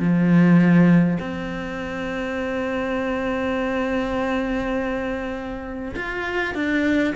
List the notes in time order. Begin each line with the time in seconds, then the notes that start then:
0.00 F3
1.20 C4
5.96 F4
6.55 D4